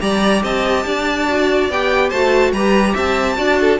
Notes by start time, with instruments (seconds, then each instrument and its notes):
0.00 cello G3, viola G4, violin D5 A#5
0.43 cello C4, violin D#5 A5
0.86 cello D4, violin D5
1.29 viola F#4
1.70 cello B3, viola G4, violin G5
2.10 cello A3, viola F#4, violin C5 A5
2.52 cello G3, viola G4, violin B4 A#5
2.93 cello C4, violin E5 A5
3.37 cello D4, viola F#4, violin D5
3.61 violin A4